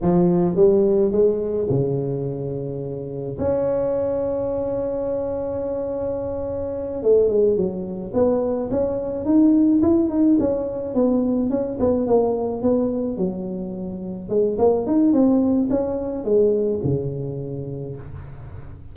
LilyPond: \new Staff \with { instrumentName = "tuba" } { \time 4/4 \tempo 4 = 107 f4 g4 gis4 cis4~ | cis2 cis'2~ | cis'1~ | cis'8 a8 gis8 fis4 b4 cis'8~ |
cis'8 dis'4 e'8 dis'8 cis'4 b8~ | b8 cis'8 b8 ais4 b4 fis8~ | fis4. gis8 ais8 dis'8 c'4 | cis'4 gis4 cis2 | }